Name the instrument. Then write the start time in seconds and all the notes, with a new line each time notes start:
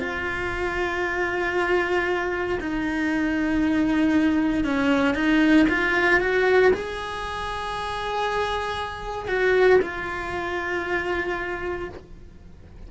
cello
0.00 F4
2.60 D#4
4.64 C#4
5.14 D#4
5.69 F4
6.20 F#4
6.73 G#4
9.28 F#4
9.82 F4